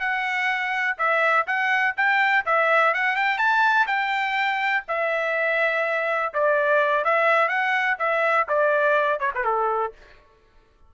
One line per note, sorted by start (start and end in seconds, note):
0.00 0.97 F#5
0.98 1.46 E5
1.47 1.95 F#5
1.97 2.45 G5
2.46 2.94 E5
2.94 3.16 F#5
3.16 3.38 G5
3.38 3.87 A5
3.87 4.84 G5
4.88 6.33 E5
6.34 7.05 D5
7.05 7.48 E5
7.48 7.97 F#5
7.99 8.47 E5
8.49 9.20 D5
9.20 9.32 C#5
9.35 9.45 B4
9.45 9.93 A4